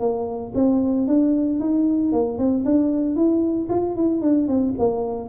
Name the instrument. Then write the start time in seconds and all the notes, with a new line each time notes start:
tuba
0.00 A#3
0.55 C4
1.08 D4
1.60 D#4
2.12 A#3
2.38 C4
2.65 D4
3.16 E4
3.69 F4
3.96 E4
4.21 D4
4.48 C4
4.78 A#3